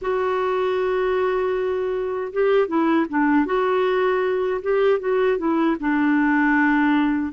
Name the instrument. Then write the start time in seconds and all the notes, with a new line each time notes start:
clarinet
0.01 F#4
2.32 G4
2.67 E4
3.09 D4
3.45 F#4
4.62 G4
4.99 F#4
5.37 E4
5.79 D4